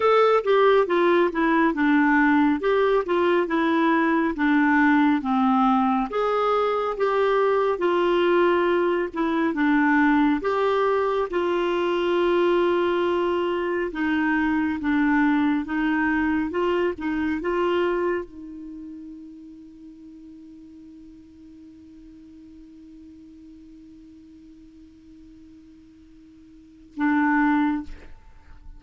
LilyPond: \new Staff \with { instrumentName = "clarinet" } { \time 4/4 \tempo 4 = 69 a'8 g'8 f'8 e'8 d'4 g'8 f'8 | e'4 d'4 c'4 gis'4 | g'4 f'4. e'8 d'4 | g'4 f'2. |
dis'4 d'4 dis'4 f'8 dis'8 | f'4 dis'2.~ | dis'1~ | dis'2. d'4 | }